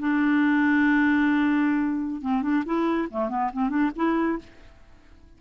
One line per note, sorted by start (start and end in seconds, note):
0.00 2.22 D4
2.22 2.43 C4
2.43 2.64 D4
2.66 3.09 E4
3.11 3.30 A3
3.30 3.51 B3
3.54 3.70 C4
3.70 3.91 D4
3.96 4.39 E4